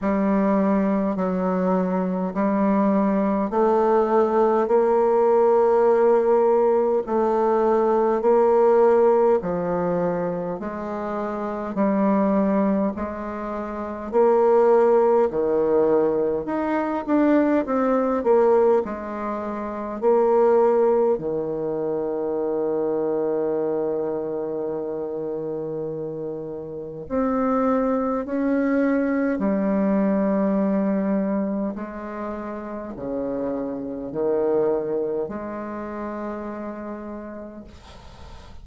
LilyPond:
\new Staff \with { instrumentName = "bassoon" } { \time 4/4 \tempo 4 = 51 g4 fis4 g4 a4 | ais2 a4 ais4 | f4 gis4 g4 gis4 | ais4 dis4 dis'8 d'8 c'8 ais8 |
gis4 ais4 dis2~ | dis2. c'4 | cis'4 g2 gis4 | cis4 dis4 gis2 | }